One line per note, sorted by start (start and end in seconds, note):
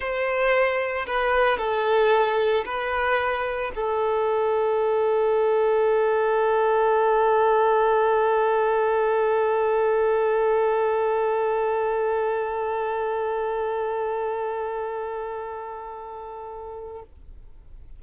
0.00 1.05 C5
1.06 1.58 B4
1.58 2.64 A4
2.65 3.71 B4
3.75 17.02 A4